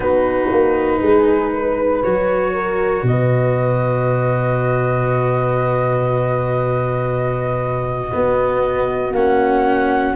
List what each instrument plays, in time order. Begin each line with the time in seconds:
0.00 tuba B3, cello D#4, horn F#4, flute B4
0.51 tuba A#3
1.01 tuba G#3, horn G#4
1.53 horn B4
2.02 tuba F#3, cello F#4, flute C#5
2.53 horn A#4
3.02 tuba B2, flute D#5
3.09 horn B4
8.11 cello B3, tuba B3, horn F#4
9.12 tuba A#3, cello C#4, flute F#5